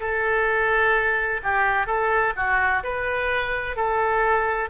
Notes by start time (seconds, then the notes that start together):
0.00 A4
1.43 G4
1.86 A4
2.36 F#4
2.83 B4
3.76 A4